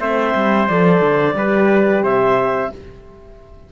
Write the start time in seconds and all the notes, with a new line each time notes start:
0.00 A3 C4 C5 E5
0.35 G3
0.68 F3 A4 D5
1.01 D3
1.35 G3 G4 B4
2.03 C3 C5 E5